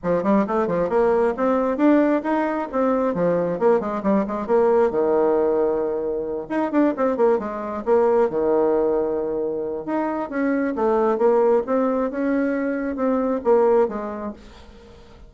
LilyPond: \new Staff \with { instrumentName = "bassoon" } { \time 4/4 \tempo 4 = 134 f8 g8 a8 f8 ais4 c'4 | d'4 dis'4 c'4 f4 | ais8 gis8 g8 gis8 ais4 dis4~ | dis2~ dis8 dis'8 d'8 c'8 |
ais8 gis4 ais4 dis4.~ | dis2 dis'4 cis'4 | a4 ais4 c'4 cis'4~ | cis'4 c'4 ais4 gis4 | }